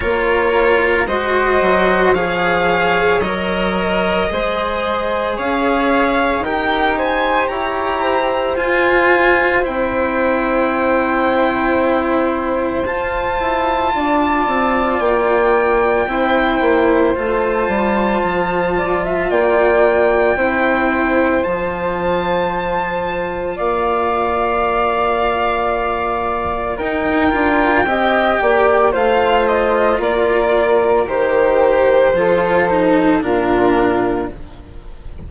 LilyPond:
<<
  \new Staff \with { instrumentName = "violin" } { \time 4/4 \tempo 4 = 56 cis''4 dis''4 f''4 dis''4~ | dis''4 f''4 g''8 gis''8 ais''4 | gis''4 g''2. | a''2 g''2 |
a''2 g''2 | a''2 f''2~ | f''4 g''2 f''8 dis''8 | d''4 c''2 ais'4 | }
  \new Staff \with { instrumentName = "flute" } { \time 4/4 ais'4 c''4 cis''2 | c''4 cis''4 ais'8 c''8 cis''8 c''8~ | c''1~ | c''4 d''2 c''4~ |
c''4. d''16 e''16 d''4 c''4~ | c''2 d''2~ | d''4 ais'4 dis''8 d''8 c''4 | ais'2 a'4 f'4 | }
  \new Staff \with { instrumentName = "cello" } { \time 4/4 f'4 fis'4 gis'4 ais'4 | gis'2 g'2 | f'4 e'2. | f'2. e'4 |
f'2. e'4 | f'1~ | f'4 dis'8 f'8 g'4 f'4~ | f'4 g'4 f'8 dis'8 d'4 | }
  \new Staff \with { instrumentName = "bassoon" } { \time 4/4 ais4 gis8 fis8 f4 fis4 | gis4 cis'4 dis'4 e'4 | f'4 c'2. | f'8 e'8 d'8 c'8 ais4 c'8 ais8 |
a8 g8 f4 ais4 c'4 | f2 ais2~ | ais4 dis'8 d'8 c'8 ais8 a4 | ais4 dis4 f4 ais,4 | }
>>